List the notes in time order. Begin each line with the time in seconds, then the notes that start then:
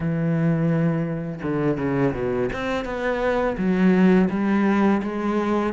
0.00 E3
1.42 D3
1.77 C#3
2.13 B2
2.52 C4
2.84 B3
3.57 F#3
4.30 G3
5.02 G#3